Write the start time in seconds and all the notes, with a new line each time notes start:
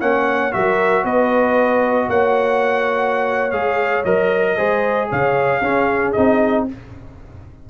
0.00 A#3 C#4 C#5 F#5
0.52 F#3 F#4 A#4 E5
1.03 B3 B4 D#5
2.09 A#3 C#5 F#5
3.51 G#3 G#4 F5
4.04 F#3 A#4 D#5
4.57 G#3 G#4 C5
5.10 C#3 C#5 F5
5.61 C#4 G#4
6.12 C4 D#4 D#5